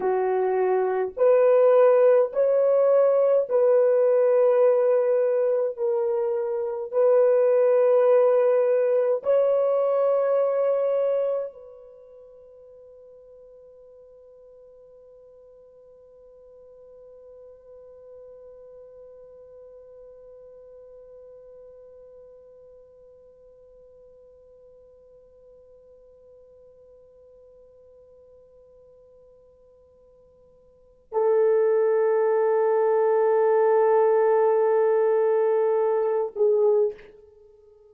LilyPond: \new Staff \with { instrumentName = "horn" } { \time 4/4 \tempo 4 = 52 fis'4 b'4 cis''4 b'4~ | b'4 ais'4 b'2 | cis''2 b'2~ | b'1~ |
b'1~ | b'1~ | b'2. a'4~ | a'2.~ a'8 gis'8 | }